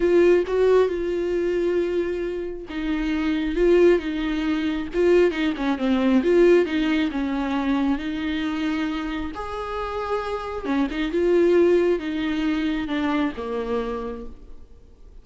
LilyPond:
\new Staff \with { instrumentName = "viola" } { \time 4/4 \tempo 4 = 135 f'4 fis'4 f'2~ | f'2 dis'2 | f'4 dis'2 f'4 | dis'8 cis'8 c'4 f'4 dis'4 |
cis'2 dis'2~ | dis'4 gis'2. | cis'8 dis'8 f'2 dis'4~ | dis'4 d'4 ais2 | }